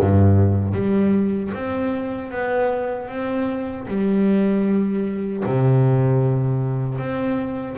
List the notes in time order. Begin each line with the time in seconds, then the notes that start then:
0.00 G2
0.74 G3
1.54 C4
2.32 B3
3.09 C4
3.88 G3
5.46 C3
6.99 C4